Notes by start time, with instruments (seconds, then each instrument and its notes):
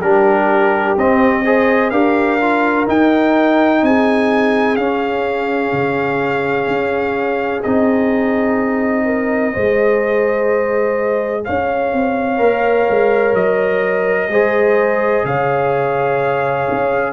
0.00 tuba G3, trombone D4, horn G4, trumpet A#4
0.97 tuba C4, trombone C4, trumpet D#5
1.44 trombone G#4, horn C5
1.90 tuba D4, trombone G4, horn A#4, trumpet F5
2.41 trombone F4
2.87 trombone D#4, tuba D#4, trumpet G5
3.82 tuba C4, horn G#4, trumpet G#5
4.76 tuba C#4, trombone C#4, trumpet F5
5.72 tuba C#3
6.67 tuba C#4
7.63 tuba C4, trombone D#4, trumpet D#5
9.05 horn A#4
9.53 tuba G#3, trombone G#4, horn C5
11.44 tuba C#4, horn C#5, trumpet F5
11.93 tuba C4
12.37 tuba A#3, trombone A#4
12.89 tuba G#3
13.33 tuba F#3, trumpet D#5
14.28 tuba G#3, trombone G#4, horn C5
15.24 tuba C#3, horn C#5, trumpet F5
16.70 tuba C#4